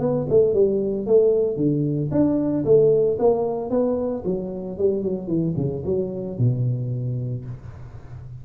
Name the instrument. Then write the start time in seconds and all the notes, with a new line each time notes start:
tuba
0.00 B3
0.30 A3
0.54 G3
1.07 A3
1.57 D3
2.12 D4
2.65 A3
3.19 A#3
3.70 B3
4.25 F#3
4.78 G3
5.03 F#3
5.28 E3
5.57 C#3
5.86 F#3
6.39 B2